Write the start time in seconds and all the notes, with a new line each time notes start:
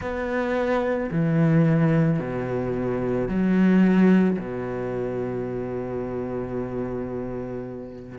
0.00 B3
1.11 E3
2.19 B2
3.28 F#3
4.38 B2